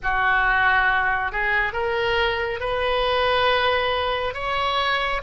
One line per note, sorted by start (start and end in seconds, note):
0.02 1.32 F#4
1.32 1.72 G#4
1.72 2.59 A#4
2.60 4.34 B4
4.34 5.21 C#5